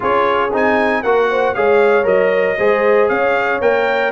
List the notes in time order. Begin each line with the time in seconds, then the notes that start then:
0.00 C#4 F4 G#4 C#5
0.52 C4 D#4 G#5
1.02 A#3 F#4 A#4 F#5
1.30 C5
1.54 G#3 G#4 C#5 F5
2.03 F#3 A#4 D#5
2.58 G#3 G#4 C5
3.08 C#4 C#5 F5
3.61 A#3 A#4 G5